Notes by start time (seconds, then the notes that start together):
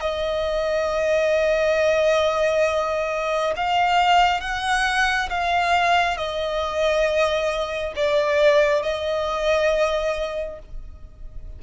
0.00 D#5
3.56 F5
4.41 F#5
5.29 F5
6.17 D#5
7.96 D5
8.82 D#5